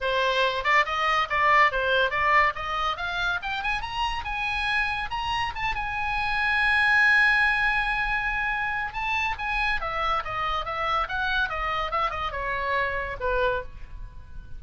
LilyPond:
\new Staff \with { instrumentName = "oboe" } { \time 4/4 \tempo 4 = 141 c''4. d''8 dis''4 d''4 | c''4 d''4 dis''4 f''4 | g''8 gis''8 ais''4 gis''2 | ais''4 a''8 gis''2~ gis''8~ |
gis''1~ | gis''4 a''4 gis''4 e''4 | dis''4 e''4 fis''4 dis''4 | e''8 dis''8 cis''2 b'4 | }